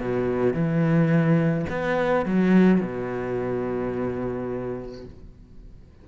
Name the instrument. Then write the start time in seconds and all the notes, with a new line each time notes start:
cello
0.00 B2
0.54 E3
1.70 B3
2.26 F#3
2.81 B2